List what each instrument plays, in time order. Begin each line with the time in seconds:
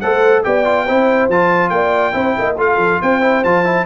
0.00 tuba A3, trombone A4, horn C5, trumpet F#5
0.44 tuba B3, trombone G4, horn D5, trumpet G5
0.64 trombone F4
0.85 tuba C4, trombone E4, horn C5
1.28 tuba F3, trombone F4, trumpet A5
1.69 tuba A#3, horn D5, trumpet G5
2.12 tuba C4, trombone E4, horn C5
2.38 tuba A#3, horn D#5
2.57 tuba A3, trombone F4, horn A4, trumpet F5
2.77 tuba F3
3.01 tuba C4, horn C5, trumpet G5
3.21 trombone E4
3.44 tuba F3, trombone F4, trumpet A5
3.64 trombone E4